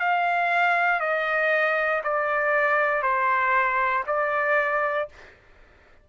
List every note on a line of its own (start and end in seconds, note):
0.00 1.00 F5
1.00 2.02 D#5
2.04 3.03 D5
3.03 4.04 C5
4.07 5.09 D5